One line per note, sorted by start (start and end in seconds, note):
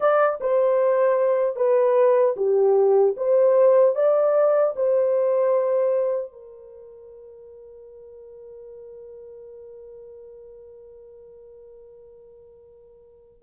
0.00 0.39 D5
0.40 1.55 C5
1.55 2.34 B4
2.36 3.15 G4
3.17 3.95 C5
3.95 4.74 D5
4.75 6.32 C5
6.32 13.42 A#4